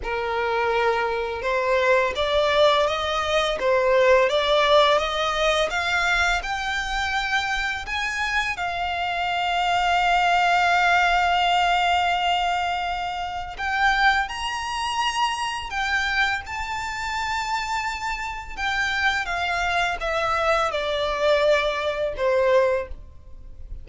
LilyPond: \new Staff \with { instrumentName = "violin" } { \time 4/4 \tempo 4 = 84 ais'2 c''4 d''4 | dis''4 c''4 d''4 dis''4 | f''4 g''2 gis''4 | f''1~ |
f''2. g''4 | ais''2 g''4 a''4~ | a''2 g''4 f''4 | e''4 d''2 c''4 | }